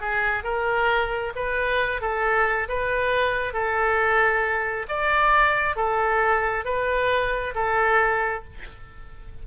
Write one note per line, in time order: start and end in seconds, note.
0.00 0.44 G#4
0.44 1.33 A#4
1.35 2.01 B4
2.01 2.68 A4
2.68 3.53 B4
3.53 4.86 A4
4.88 5.76 D5
5.76 6.65 A4
6.65 7.54 B4
7.54 8.43 A4